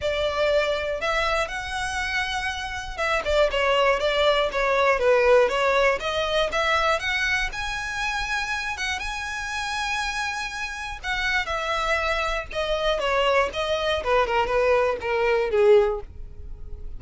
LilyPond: \new Staff \with { instrumentName = "violin" } { \time 4/4 \tempo 4 = 120 d''2 e''4 fis''4~ | fis''2 e''8 d''8 cis''4 | d''4 cis''4 b'4 cis''4 | dis''4 e''4 fis''4 gis''4~ |
gis''4. fis''8 gis''2~ | gis''2 fis''4 e''4~ | e''4 dis''4 cis''4 dis''4 | b'8 ais'8 b'4 ais'4 gis'4 | }